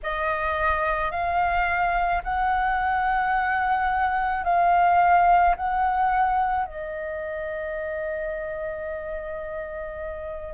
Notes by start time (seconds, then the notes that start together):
0.03 D#5
1.11 F5
2.23 F#5
4.44 F5
5.56 F#5
6.65 D#5